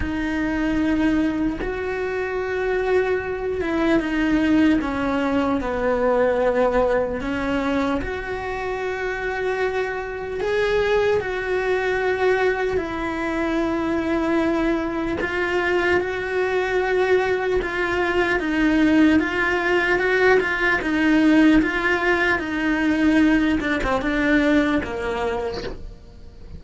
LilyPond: \new Staff \with { instrumentName = "cello" } { \time 4/4 \tempo 4 = 75 dis'2 fis'2~ | fis'8 e'8 dis'4 cis'4 b4~ | b4 cis'4 fis'2~ | fis'4 gis'4 fis'2 |
e'2. f'4 | fis'2 f'4 dis'4 | f'4 fis'8 f'8 dis'4 f'4 | dis'4. d'16 c'16 d'4 ais4 | }